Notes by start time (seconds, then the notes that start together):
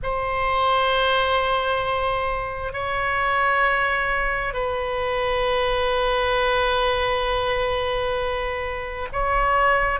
0.02 C5
2.73 C#5
4.53 B4
9.12 C#5